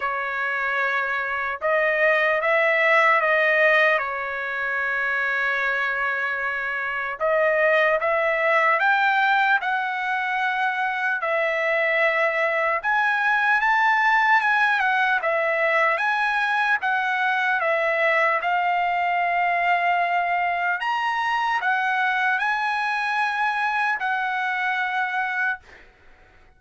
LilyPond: \new Staff \with { instrumentName = "trumpet" } { \time 4/4 \tempo 4 = 75 cis''2 dis''4 e''4 | dis''4 cis''2.~ | cis''4 dis''4 e''4 g''4 | fis''2 e''2 |
gis''4 a''4 gis''8 fis''8 e''4 | gis''4 fis''4 e''4 f''4~ | f''2 ais''4 fis''4 | gis''2 fis''2 | }